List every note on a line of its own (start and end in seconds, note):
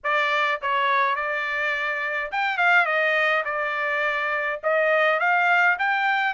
0.03 0.61 D5
0.61 1.15 C#5
1.15 2.31 D5
2.31 2.57 G5
2.57 2.85 F5
2.85 3.43 D#5
3.45 4.60 D5
4.63 5.19 D#5
5.19 5.77 F5
5.78 6.34 G5